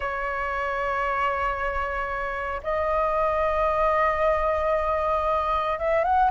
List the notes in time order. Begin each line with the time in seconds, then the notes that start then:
0.00 C#5
2.63 D#5
5.78 E5
6.04 F#5